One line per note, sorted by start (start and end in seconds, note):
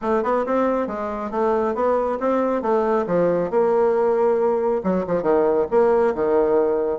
0.01 0.23 A3
0.23 0.45 B3
0.46 0.87 C4
0.87 1.30 G#3
1.30 1.74 A3
1.74 2.18 B3
2.20 2.62 C4
2.62 3.05 A3
3.07 3.50 F3
3.50 4.82 A#3
4.83 5.05 F#3
5.06 5.22 F3
5.22 5.66 D#3
5.70 6.14 A#3
6.14 6.99 D#3